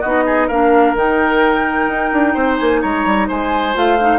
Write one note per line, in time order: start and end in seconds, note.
0.00 0.49 B3
0.00 0.50 D#4
0.00 0.23 F#4
0.00 0.48 D#5
0.26 0.47 G#4
0.47 0.94 A#3
0.47 0.96 D4
0.47 2.33 A#4
0.47 0.94 F5
0.94 1.87 D#3
0.94 3.74 D#4
0.94 2.58 G5
1.88 2.11 D#4
2.12 2.35 D4
2.34 2.58 C4
2.34 2.80 C5
2.58 2.83 A#3
2.58 2.81 G#5
2.81 3.05 G#3
2.81 3.28 C#5
2.81 3.28 A#5
3.05 3.28 G3
3.28 3.75 G#3
3.28 4.19 C5
3.28 3.76 G#5
3.74 4.19 A3
3.74 3.98 F4
3.74 4.19 F5
4.00 4.19 D#4